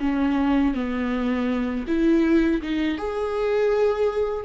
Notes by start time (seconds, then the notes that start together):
0.00 C#4
0.74 B3
1.87 E4
2.62 D#4
2.98 G#4